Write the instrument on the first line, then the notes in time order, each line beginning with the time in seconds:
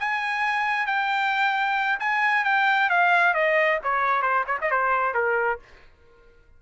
trumpet
0.00 G#5
0.87 G5
2.00 G#5
2.45 G5
2.90 F5
3.35 D#5
3.83 C#5
4.22 C5
4.47 C#5
4.61 D#5
4.71 C5
5.14 A#4